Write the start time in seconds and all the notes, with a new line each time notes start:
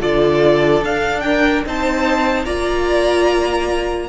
0.00 D3 F4 A4 D5
0.81 D4 F5
1.20 A#4 G5
1.65 C4 D#4 C5 A5
2.45 A#3 F4 D5 A#5